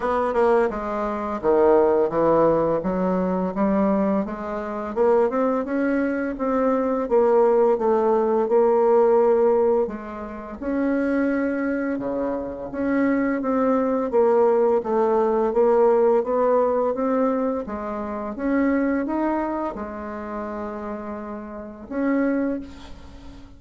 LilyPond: \new Staff \with { instrumentName = "bassoon" } { \time 4/4 \tempo 4 = 85 b8 ais8 gis4 dis4 e4 | fis4 g4 gis4 ais8 c'8 | cis'4 c'4 ais4 a4 | ais2 gis4 cis'4~ |
cis'4 cis4 cis'4 c'4 | ais4 a4 ais4 b4 | c'4 gis4 cis'4 dis'4 | gis2. cis'4 | }